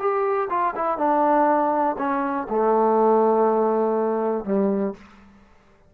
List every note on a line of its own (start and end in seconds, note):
0.00 0.49 G4
0.50 0.75 F4
0.76 0.98 E4
0.98 1.97 D4
1.99 2.48 C#4
2.50 4.45 A3
4.45 4.94 G3